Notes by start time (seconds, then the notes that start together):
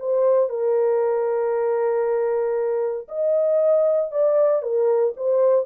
0.00 C5
0.50 A#4
3.09 D#5
4.12 D5
4.63 A#4
5.17 C5